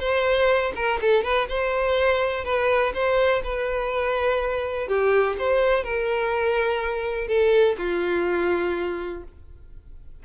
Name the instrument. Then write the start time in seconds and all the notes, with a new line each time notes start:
violin
0.00 C5
0.76 A#4
1.01 A4
1.24 B4
1.49 C5
2.45 B4
2.95 C5
3.44 B4
4.88 G4
5.38 C5
5.84 A#4
7.28 A4
7.78 F4